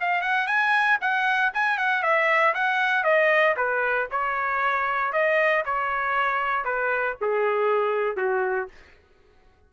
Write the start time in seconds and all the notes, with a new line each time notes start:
0.00 F5
0.21 F#5
0.47 G#5
1.01 F#5
1.54 G#5
1.78 F#5
2.02 E5
2.54 F#5
3.03 D#5
3.56 B4
4.11 C#5
5.12 D#5
5.65 C#5
6.64 B4
7.21 G#4
8.17 F#4